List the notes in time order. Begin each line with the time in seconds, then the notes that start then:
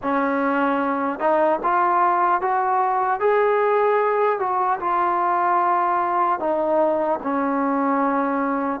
0.02 C#4
1.19 D#4
1.63 F4
2.41 F#4
3.20 G#4
4.39 F#4
4.80 F4
6.39 D#4
7.23 C#4